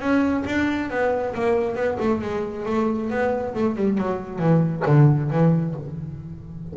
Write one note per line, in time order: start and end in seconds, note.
0.00 0.44 C#4
0.46 0.90 D4
0.90 1.35 B3
1.35 1.76 A#3
1.76 1.98 B3
2.00 2.22 A3
2.22 2.66 G#3
2.66 3.10 A3
3.10 3.55 B3
3.55 3.76 A3
3.76 3.98 G3
3.98 4.39 F#3
4.39 4.83 E3
4.86 5.31 D3
5.31 5.75 E3